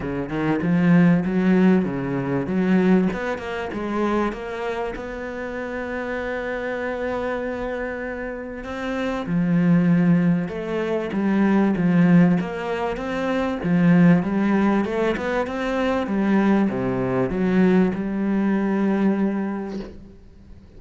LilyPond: \new Staff \with { instrumentName = "cello" } { \time 4/4 \tempo 4 = 97 cis8 dis8 f4 fis4 cis4 | fis4 b8 ais8 gis4 ais4 | b1~ | b2 c'4 f4~ |
f4 a4 g4 f4 | ais4 c'4 f4 g4 | a8 b8 c'4 g4 c4 | fis4 g2. | }